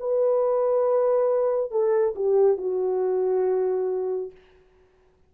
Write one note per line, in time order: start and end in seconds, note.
0.00 1.71 B4
1.71 2.15 A4
2.15 2.58 G4
2.58 4.32 F#4